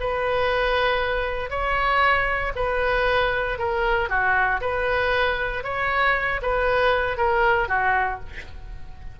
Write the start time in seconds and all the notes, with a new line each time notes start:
0.00 B4
1.50 C#5
2.55 B4
3.58 A#4
4.09 F#4
4.61 B4
5.64 C#5
6.42 B4
7.17 A#4
7.68 F#4